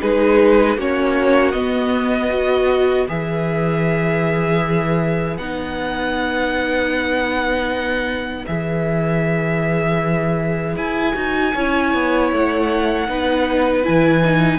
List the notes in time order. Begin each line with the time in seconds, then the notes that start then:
0.00 G#3 D#4 G#4 B4
0.77 A#3 C#4 F#4 C#5
1.52 B3 D#5
2.30 F#4 B4
3.09 E3 G#4 E5
5.37 B3 D#4 F#5
8.47 E3 G#4 E5
10.76 E4 G#5
11.14 D#4 F#4
11.54 C#4 E4 C#5
11.94 B3
12.33 A3 F#5
13.09 B3 D#4 B4
13.84 E3 E4 G#5
14.25 D#4